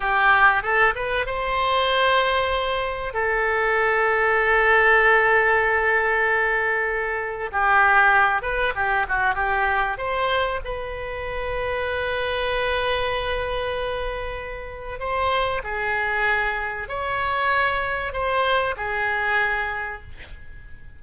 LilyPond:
\new Staff \with { instrumentName = "oboe" } { \time 4/4 \tempo 4 = 96 g'4 a'8 b'8 c''2~ | c''4 a'2.~ | a'1 | g'4. b'8 g'8 fis'8 g'4 |
c''4 b'2.~ | b'1 | c''4 gis'2 cis''4~ | cis''4 c''4 gis'2 | }